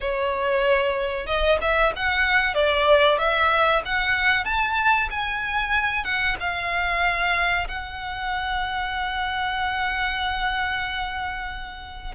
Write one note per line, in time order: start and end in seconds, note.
0.01 1.26 C#5
1.26 1.58 D#5
1.61 1.93 E5
1.96 2.54 F#5
2.54 3.18 D5
3.18 3.82 E5
3.85 4.44 F#5
4.44 5.08 A5
5.10 6.04 G#5
6.04 6.36 F#5
6.40 7.67 F5
7.68 12.15 F#5